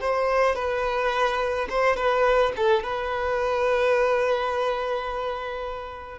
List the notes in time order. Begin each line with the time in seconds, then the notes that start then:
0.00 C5
0.55 B4
1.69 C5
1.96 B4
2.56 A4
2.83 B4